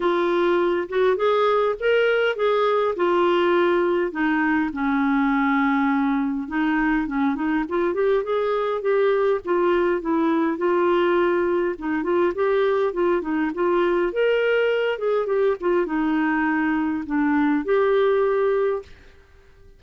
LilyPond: \new Staff \with { instrumentName = "clarinet" } { \time 4/4 \tempo 4 = 102 f'4. fis'8 gis'4 ais'4 | gis'4 f'2 dis'4 | cis'2. dis'4 | cis'8 dis'8 f'8 g'8 gis'4 g'4 |
f'4 e'4 f'2 | dis'8 f'8 g'4 f'8 dis'8 f'4 | ais'4. gis'8 g'8 f'8 dis'4~ | dis'4 d'4 g'2 | }